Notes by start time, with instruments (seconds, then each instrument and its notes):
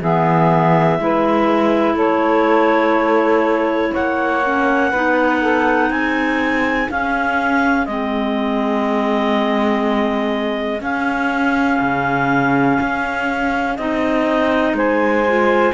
0.00 cello E3, clarinet B3 E5, saxophone G#4
0.99 cello G#3, clarinet E4, saxophone B4
1.94 cello A3, saxophone A4, clarinet C#5
3.91 saxophone C#5, clarinet F#5
3.98 cello A#3
4.43 clarinet C#4
4.90 cello B3, clarinet D#4, saxophone B4
5.41 saxophone A4
5.90 cello C4, saxophone G#4, clarinet G#5
6.89 clarinet C#4 F5, cello C#4
7.86 cello G#3, clarinet C4 D#5
10.80 clarinet C#4 F5, cello C#4
11.80 cello C#3
12.81 cello C#4
13.77 cello C4, clarinet D#4 D#5
14.73 cello G#3, saxophone C5, clarinet G#5
15.27 clarinet F4